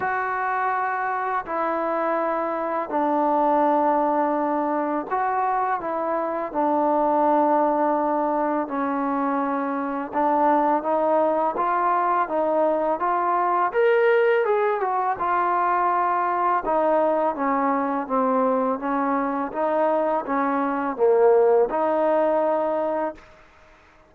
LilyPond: \new Staff \with { instrumentName = "trombone" } { \time 4/4 \tempo 4 = 83 fis'2 e'2 | d'2. fis'4 | e'4 d'2. | cis'2 d'4 dis'4 |
f'4 dis'4 f'4 ais'4 | gis'8 fis'8 f'2 dis'4 | cis'4 c'4 cis'4 dis'4 | cis'4 ais4 dis'2 | }